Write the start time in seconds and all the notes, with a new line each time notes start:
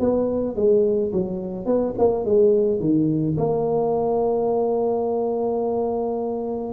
0.00 B3
0.56 G#3
1.13 F#3
1.66 B3
1.98 A#3
2.25 G#3
2.80 D#3
3.37 A#3